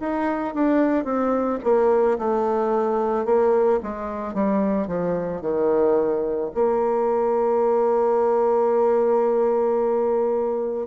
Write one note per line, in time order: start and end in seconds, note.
0.00 0.55 D#4
0.55 1.05 D4
1.05 1.59 C4
1.64 2.18 A#3
2.19 3.25 A3
3.25 3.80 A#3
3.83 4.34 G#3
4.34 4.87 G3
4.87 5.41 F3
5.41 6.51 D#3
6.55 10.87 A#3